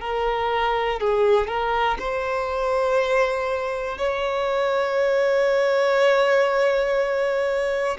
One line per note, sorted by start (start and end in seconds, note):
0.00 1.00 A#4
1.00 1.47 G#4
1.47 1.97 A#4
1.99 3.98 C5
3.98 7.98 C#5